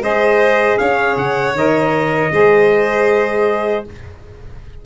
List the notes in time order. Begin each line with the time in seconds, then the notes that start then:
0.00 G#3 G#4 C5 D#5
0.78 C#4 C#5 F5
1.17 C#3 F#5
1.55 D#3 A#4 D#5
2.32 G#3 G#4 C5